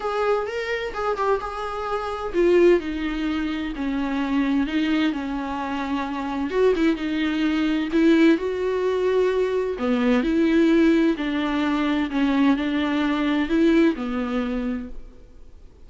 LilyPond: \new Staff \with { instrumentName = "viola" } { \time 4/4 \tempo 4 = 129 gis'4 ais'4 gis'8 g'8 gis'4~ | gis'4 f'4 dis'2 | cis'2 dis'4 cis'4~ | cis'2 fis'8 e'8 dis'4~ |
dis'4 e'4 fis'2~ | fis'4 b4 e'2 | d'2 cis'4 d'4~ | d'4 e'4 b2 | }